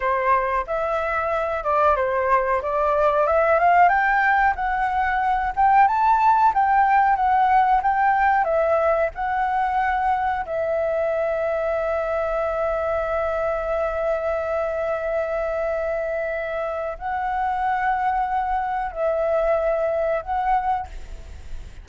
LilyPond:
\new Staff \with { instrumentName = "flute" } { \time 4/4 \tempo 4 = 92 c''4 e''4. d''8 c''4 | d''4 e''8 f''8 g''4 fis''4~ | fis''8 g''8 a''4 g''4 fis''4 | g''4 e''4 fis''2 |
e''1~ | e''1~ | e''2 fis''2~ | fis''4 e''2 fis''4 | }